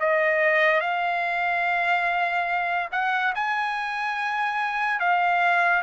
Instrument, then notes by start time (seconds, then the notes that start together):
trumpet
0.00 D#5
0.81 F5
2.92 F#5
3.35 G#5
5.00 F5